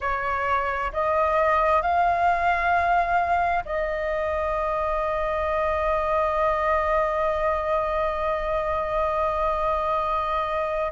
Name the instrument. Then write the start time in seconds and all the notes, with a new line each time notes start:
flute
0.00 C#5
0.92 D#5
1.82 F5
3.65 D#5